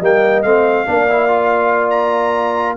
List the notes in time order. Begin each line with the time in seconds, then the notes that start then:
0.00 G3 A#3 D#5 G5
0.43 A3 C4 F5
0.87 A#3 D4 D5
1.10 E4
1.29 F4
1.91 A#5